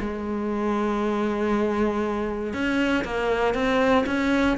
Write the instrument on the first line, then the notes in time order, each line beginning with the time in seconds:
cello
0.00 G#3
2.53 C#4
3.04 A#3
3.54 C4
4.06 C#4